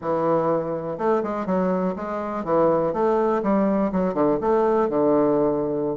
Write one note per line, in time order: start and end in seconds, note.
0.01 0.98 E3
0.98 1.22 A3
1.23 1.46 G#3
1.46 1.94 F#3
1.96 2.44 G#3
2.44 2.93 E3
2.93 3.41 A3
3.43 3.91 G3
3.92 4.13 F#3
4.13 4.38 D3
4.41 4.89 A3
4.89 5.96 D3